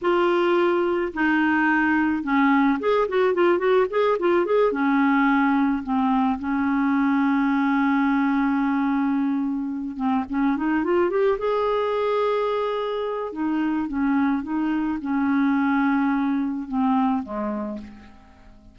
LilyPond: \new Staff \with { instrumentName = "clarinet" } { \time 4/4 \tempo 4 = 108 f'2 dis'2 | cis'4 gis'8 fis'8 f'8 fis'8 gis'8 f'8 | gis'8 cis'2 c'4 cis'8~ | cis'1~ |
cis'2 c'8 cis'8 dis'8 f'8 | g'8 gis'2.~ gis'8 | dis'4 cis'4 dis'4 cis'4~ | cis'2 c'4 gis4 | }